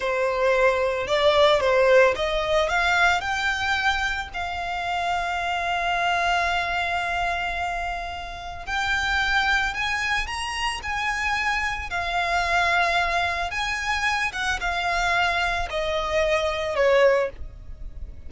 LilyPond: \new Staff \with { instrumentName = "violin" } { \time 4/4 \tempo 4 = 111 c''2 d''4 c''4 | dis''4 f''4 g''2 | f''1~ | f''1 |
g''2 gis''4 ais''4 | gis''2 f''2~ | f''4 gis''4. fis''8 f''4~ | f''4 dis''2 cis''4 | }